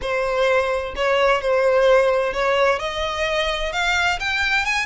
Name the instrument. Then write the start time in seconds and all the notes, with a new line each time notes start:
violin
0.01 C5
0.95 C#5
1.41 C5
2.33 C#5
2.79 D#5
3.72 F5
4.19 G5
4.65 G#5